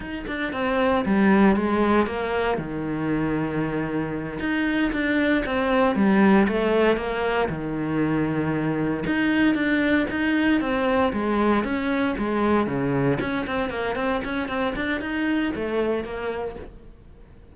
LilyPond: \new Staff \with { instrumentName = "cello" } { \time 4/4 \tempo 4 = 116 dis'8 d'8 c'4 g4 gis4 | ais4 dis2.~ | dis8 dis'4 d'4 c'4 g8~ | g8 a4 ais4 dis4.~ |
dis4. dis'4 d'4 dis'8~ | dis'8 c'4 gis4 cis'4 gis8~ | gis8 cis4 cis'8 c'8 ais8 c'8 cis'8 | c'8 d'8 dis'4 a4 ais4 | }